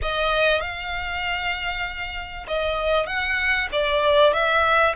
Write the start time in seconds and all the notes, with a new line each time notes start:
0.02 D#5
0.60 F5
2.47 D#5
3.06 F#5
3.71 D5
4.33 E5